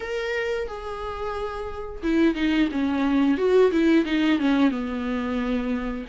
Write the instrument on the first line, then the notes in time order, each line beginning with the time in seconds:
viola
0.00 A#4
0.67 G#4
2.02 E4
2.34 D#4
2.71 C#4
3.37 F#4
3.71 E4
4.05 D#4
4.39 C#4
4.70 B3